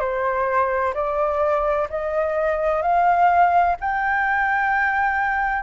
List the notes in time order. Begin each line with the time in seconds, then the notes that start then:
0.00 C5
0.94 D5
1.90 D#5
2.82 F5
3.81 G5